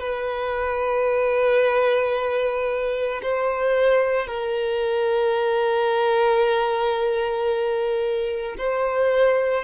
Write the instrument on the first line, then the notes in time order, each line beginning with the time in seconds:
violin
0.00 B4
3.22 C5
4.27 A#4
8.58 C5